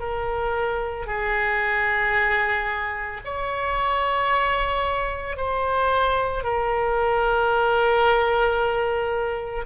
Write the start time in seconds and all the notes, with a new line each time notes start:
0.00 A#4
1.07 G#4
3.25 C#5
5.37 C5
6.44 A#4